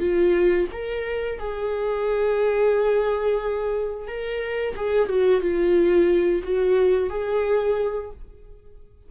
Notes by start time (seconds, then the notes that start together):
0.00 F4
0.72 A#4
1.39 G#4
4.08 A#4
4.76 G#4
5.09 F#4
5.41 F4
6.43 F#4
7.10 G#4